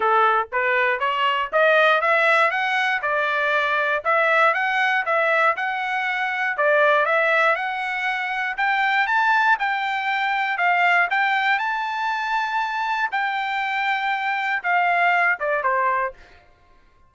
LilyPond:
\new Staff \with { instrumentName = "trumpet" } { \time 4/4 \tempo 4 = 119 a'4 b'4 cis''4 dis''4 | e''4 fis''4 d''2 | e''4 fis''4 e''4 fis''4~ | fis''4 d''4 e''4 fis''4~ |
fis''4 g''4 a''4 g''4~ | g''4 f''4 g''4 a''4~ | a''2 g''2~ | g''4 f''4. d''8 c''4 | }